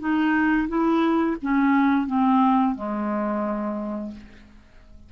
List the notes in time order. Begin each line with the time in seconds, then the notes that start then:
0.00 D#4
0.68 E4
1.42 C#4
2.07 C4
2.75 G#3